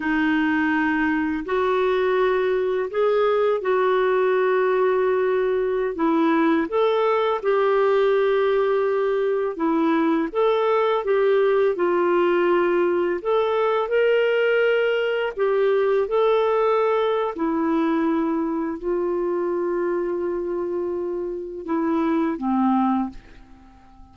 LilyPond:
\new Staff \with { instrumentName = "clarinet" } { \time 4/4 \tempo 4 = 83 dis'2 fis'2 | gis'4 fis'2.~ | fis'16 e'4 a'4 g'4.~ g'16~ | g'4~ g'16 e'4 a'4 g'8.~ |
g'16 f'2 a'4 ais'8.~ | ais'4~ ais'16 g'4 a'4.~ a'16 | e'2 f'2~ | f'2 e'4 c'4 | }